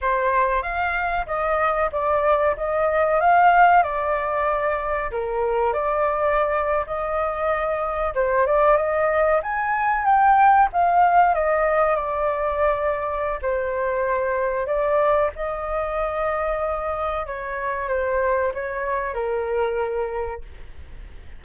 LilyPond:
\new Staff \with { instrumentName = "flute" } { \time 4/4 \tempo 4 = 94 c''4 f''4 dis''4 d''4 | dis''4 f''4 d''2 | ais'4 d''4.~ d''16 dis''4~ dis''16~ | dis''8. c''8 d''8 dis''4 gis''4 g''16~ |
g''8. f''4 dis''4 d''4~ d''16~ | d''4 c''2 d''4 | dis''2. cis''4 | c''4 cis''4 ais'2 | }